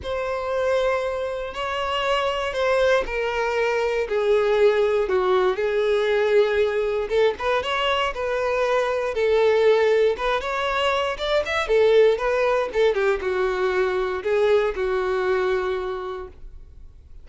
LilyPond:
\new Staff \with { instrumentName = "violin" } { \time 4/4 \tempo 4 = 118 c''2. cis''4~ | cis''4 c''4 ais'2 | gis'2 fis'4 gis'4~ | gis'2 a'8 b'8 cis''4 |
b'2 a'2 | b'8 cis''4. d''8 e''8 a'4 | b'4 a'8 g'8 fis'2 | gis'4 fis'2. | }